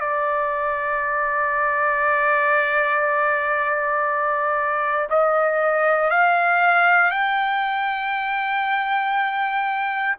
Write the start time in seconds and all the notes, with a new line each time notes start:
0.00 D5
5.09 D#5
6.11 F5
7.11 G5